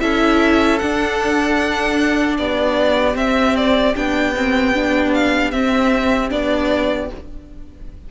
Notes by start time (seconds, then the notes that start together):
0.00 C#4 E4 A4 E5
0.79 D4 F#5
2.37 B3 G4 D5
3.14 C4 E5
3.56 D5
3.95 B3 D4 G5
4.36 C4
4.74 D4
5.14 F5
5.51 C4 E5
6.29 B3 D4 D5